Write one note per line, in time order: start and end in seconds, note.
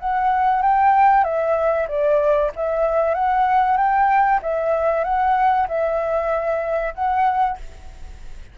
0.00 0.63 F#5
0.63 1.25 G5
1.25 1.88 E5
1.88 2.51 D5
2.56 3.15 E5
3.15 3.78 F#5
3.78 4.41 G5
4.43 5.04 E5
5.04 5.68 F#5
5.68 6.95 E5
6.95 7.58 F#5